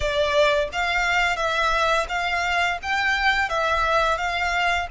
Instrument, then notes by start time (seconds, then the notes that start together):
violin
0.00 D5
0.72 F5
1.36 E5
2.08 F5
2.82 G5
3.49 E5
4.17 F5